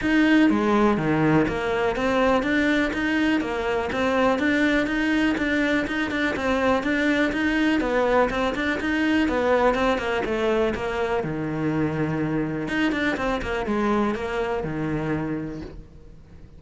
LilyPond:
\new Staff \with { instrumentName = "cello" } { \time 4/4 \tempo 4 = 123 dis'4 gis4 dis4 ais4 | c'4 d'4 dis'4 ais4 | c'4 d'4 dis'4 d'4 | dis'8 d'8 c'4 d'4 dis'4 |
b4 c'8 d'8 dis'4 b4 | c'8 ais8 a4 ais4 dis4~ | dis2 dis'8 d'8 c'8 ais8 | gis4 ais4 dis2 | }